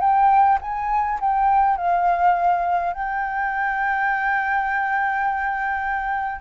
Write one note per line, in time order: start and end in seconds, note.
0.00 0.58 G5
0.61 1.19 G#5
1.20 1.76 G5
1.76 2.93 F5
2.93 6.41 G5